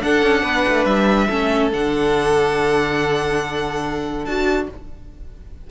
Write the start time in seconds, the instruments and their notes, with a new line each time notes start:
0.00 viola D4, cello D4, violin A4 F#5
0.23 cello C#4
0.43 cello B3, violin B4
0.68 cello A3
0.85 cello G3, violin E5
1.27 cello A3, viola C#4, violin A4
1.71 cello D3, viola D4, violin F#5
4.25 cello D4, viola F#4, violin A5